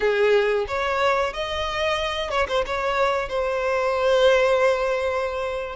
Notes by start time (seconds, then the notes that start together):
0.00 G#4
0.67 C#5
1.33 D#5
2.30 C#5
2.48 C5
2.66 C#5
3.28 C5